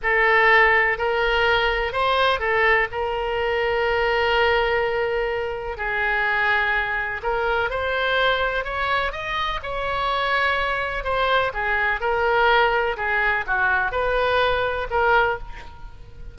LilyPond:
\new Staff \with { instrumentName = "oboe" } { \time 4/4 \tempo 4 = 125 a'2 ais'2 | c''4 a'4 ais'2~ | ais'1 | gis'2. ais'4 |
c''2 cis''4 dis''4 | cis''2. c''4 | gis'4 ais'2 gis'4 | fis'4 b'2 ais'4 | }